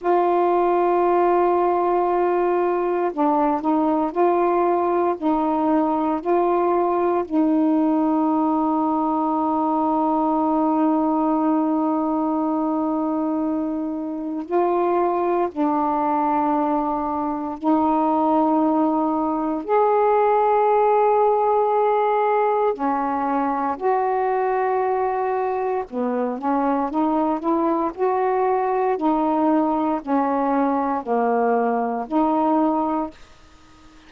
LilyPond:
\new Staff \with { instrumentName = "saxophone" } { \time 4/4 \tempo 4 = 58 f'2. d'8 dis'8 | f'4 dis'4 f'4 dis'4~ | dis'1~ | dis'2 f'4 d'4~ |
d'4 dis'2 gis'4~ | gis'2 cis'4 fis'4~ | fis'4 b8 cis'8 dis'8 e'8 fis'4 | dis'4 cis'4 ais4 dis'4 | }